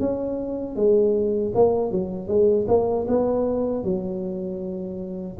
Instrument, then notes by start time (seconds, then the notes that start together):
tuba
0.00 C#4
0.76 G#3
1.55 A#3
1.92 F#3
2.28 G#3
2.68 A#3
3.08 B3
3.84 F#3